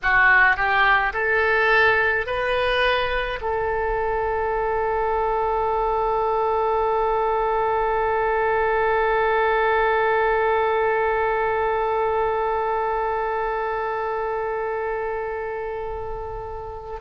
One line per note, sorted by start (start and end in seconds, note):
0.02 0.56 F#4
0.56 1.13 G4
1.13 2.26 A4
2.26 3.39 B4
3.41 16.99 A4